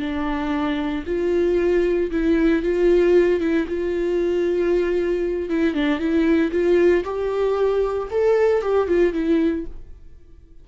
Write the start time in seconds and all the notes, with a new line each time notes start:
0.00 D4
1.07 F4
2.11 E4
2.63 F4
3.41 E4
3.68 F4
5.50 E4
5.75 D4
5.99 E4
6.52 F4
7.05 G4
8.11 A4
8.62 G4
8.88 F4
9.14 E4